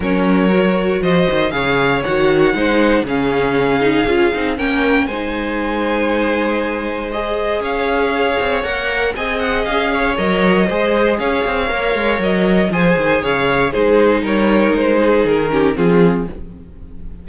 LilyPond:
<<
  \new Staff \with { instrumentName = "violin" } { \time 4/4 \tempo 4 = 118 cis''2 dis''4 f''4 | fis''2 f''2~ | f''4 g''4 gis''2~ | gis''2 dis''4 f''4~ |
f''4 fis''4 gis''8 fis''8 f''4 | dis''2 f''2 | dis''4 gis''4 f''4 c''4 | cis''4 c''4 ais'4 gis'4 | }
  \new Staff \with { instrumentName = "violin" } { \time 4/4 ais'2 c''4 cis''4~ | cis''4 c''4 gis'2~ | gis'4 ais'4 c''2~ | c''2. cis''4~ |
cis''2 dis''4. cis''8~ | cis''4 c''4 cis''2~ | cis''4 c''4 cis''4 gis'4 | ais'4. gis'4 g'8 f'4 | }
  \new Staff \with { instrumentName = "viola" } { \time 4/4 cis'4 fis'2 gis'4 | fis'4 dis'4 cis'4. dis'8 | f'8 dis'8 cis'4 dis'2~ | dis'2 gis'2~ |
gis'4 ais'4 gis'2 | ais'4 gis'2 ais'4~ | ais'4 gis'2 dis'4~ | dis'2~ dis'8 cis'8 c'4 | }
  \new Staff \with { instrumentName = "cello" } { \time 4/4 fis2 f8 dis8 cis4 | dis4 gis4 cis2 | cis'8 c'8 ais4 gis2~ | gis2. cis'4~ |
cis'8 c'8 ais4 c'4 cis'4 | fis4 gis4 cis'8 c'8 ais8 gis8 | fis4 f8 dis8 cis4 gis4 | g4 gis4 dis4 f4 | }
>>